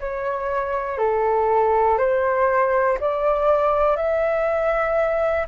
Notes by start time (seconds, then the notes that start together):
0.00 C#5
0.98 A4
1.98 C5
3.00 D5
3.96 E5